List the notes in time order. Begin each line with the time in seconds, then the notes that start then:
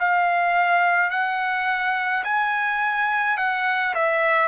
0.00 F5
1.11 F#5
2.24 G#5
3.38 F#5
3.95 E5